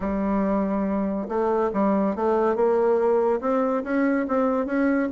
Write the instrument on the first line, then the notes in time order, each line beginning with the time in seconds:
bassoon
0.00 G3
1.28 A3
1.73 G3
2.15 A3
2.55 A#3
3.40 C4
3.83 C#4
4.28 C4
4.66 C#4